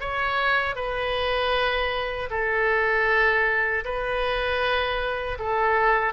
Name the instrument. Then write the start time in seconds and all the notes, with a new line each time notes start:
oboe
0.00 C#5
0.75 B4
2.30 A4
3.84 B4
5.39 A4